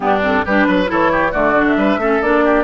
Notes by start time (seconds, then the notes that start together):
0.00 G2 B3 D4 G4
0.22 C4 A4
0.45 G3 D4 G4 B4
0.67 F#3 B4
0.86 E3 E4 A4 C#5
1.11 G4
1.31 D3 A3 F#4 D5
1.56 D4
1.67 E5
1.76 G3 B4
1.97 A3 C#4 A4
2.21 A#3 D4 D5
2.44 G4